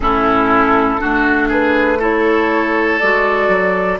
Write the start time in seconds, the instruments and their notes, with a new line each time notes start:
0.00 bassoon A2, clarinet C#4, oboe E4, flute A4
0.98 bassoon A3, clarinet D4, oboe F#4
1.48 oboe G#4, flute B4
1.99 clarinet E4, oboe A4, flute C#5
2.99 bassoon G#3, clarinet F#4, flute D5
3.48 bassoon F#3